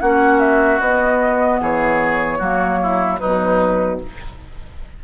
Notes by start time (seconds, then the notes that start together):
0.00 A#3 C#4 F#4 F#5
0.39 E5
0.79 B3 D#5
1.60 E3 G#4 C#5
2.38 F#3 A#3 F#4
2.82 E4
3.19 B2 F#3 D#4 B4